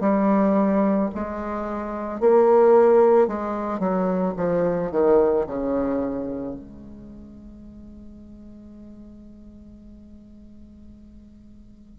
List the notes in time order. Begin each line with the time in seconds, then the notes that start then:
0.00 G3
1.14 G#3
2.20 A#3
3.27 G#3
3.79 F#3
4.36 F3
4.91 D#3
5.46 C#3
6.55 G#3